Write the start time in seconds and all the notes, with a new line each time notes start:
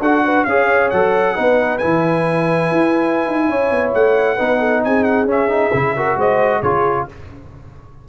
0.00 D4 F#4 A4 F#5
0.24 B4
0.44 C#4 G#4 C#5 F5
0.90 F#3 A4 F#5
1.35 B3 D#4 B4
1.78 E4 G#5
1.84 E3
2.71 E4
3.27 D#4
3.48 C#4 C#5
3.71 B3
3.94 A3 F#5
4.36 B3 D#4 B4
4.59 A4
4.84 C4 G#4 G#5
5.04 F#5
5.25 C#4 E5
5.48 D#4
5.74 C#3 E4
5.96 F#4 A#4
6.16 G#3 C5 D#5
6.61 C#3 F4 G#4 C#5